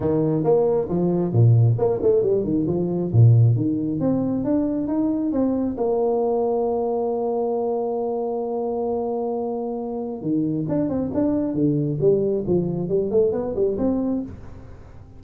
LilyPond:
\new Staff \with { instrumentName = "tuba" } { \time 4/4 \tempo 4 = 135 dis4 ais4 f4 ais,4 | ais8 a8 g8 dis8 f4 ais,4 | dis4 c'4 d'4 dis'4 | c'4 ais2.~ |
ais1~ | ais2. dis4 | d'8 c'8 d'4 d4 g4 | f4 g8 a8 b8 g8 c'4 | }